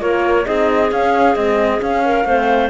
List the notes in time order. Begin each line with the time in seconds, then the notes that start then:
0.00 A#3 F4 A#4 C#5
0.44 C4 D#4 G#4 D#5
0.90 C#4 F5
1.35 G#3 C4 D#5
1.78 C#4 F5
2.04 A#4
2.24 A3 C4 C5